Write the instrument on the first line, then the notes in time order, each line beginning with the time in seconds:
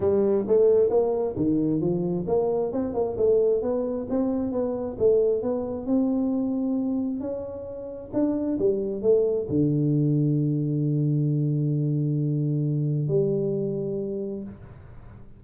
tuba
0.00 G3
0.47 A3
0.89 A#3
1.36 D#3
1.80 F3
2.27 A#3
2.72 C4
2.94 A#3
3.17 A3
3.62 B3
4.09 C4
4.52 B3
4.98 A3
5.42 B3
5.86 C4
7.20 C#4
8.13 D4
8.58 G3
9.02 A3
9.49 D3
13.07 G3